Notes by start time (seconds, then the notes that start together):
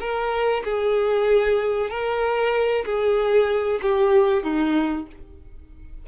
0.00 A#4
0.64 G#4
1.90 A#4
2.85 G#4
3.82 G4
4.43 D#4